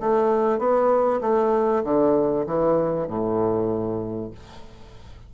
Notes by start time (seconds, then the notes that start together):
0.00 A3
0.59 B3
1.21 A3
1.84 D3
2.47 E3
3.08 A2